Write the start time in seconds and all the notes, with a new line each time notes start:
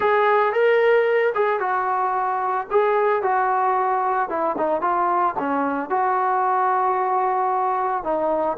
0.00 G#4
0.52 A#4
1.34 G#4
1.59 F#4
2.71 G#4
3.22 F#4
4.29 E4
4.57 D#4
4.81 F4
5.38 C#4
5.89 F#4
8.03 D#4